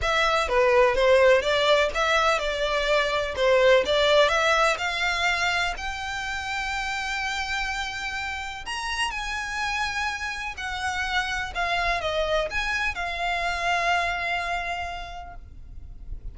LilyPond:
\new Staff \with { instrumentName = "violin" } { \time 4/4 \tempo 4 = 125 e''4 b'4 c''4 d''4 | e''4 d''2 c''4 | d''4 e''4 f''2 | g''1~ |
g''2 ais''4 gis''4~ | gis''2 fis''2 | f''4 dis''4 gis''4 f''4~ | f''1 | }